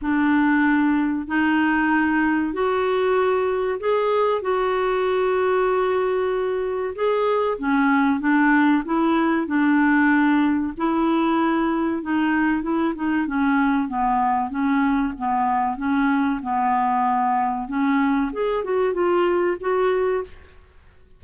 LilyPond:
\new Staff \with { instrumentName = "clarinet" } { \time 4/4 \tempo 4 = 95 d'2 dis'2 | fis'2 gis'4 fis'4~ | fis'2. gis'4 | cis'4 d'4 e'4 d'4~ |
d'4 e'2 dis'4 | e'8 dis'8 cis'4 b4 cis'4 | b4 cis'4 b2 | cis'4 gis'8 fis'8 f'4 fis'4 | }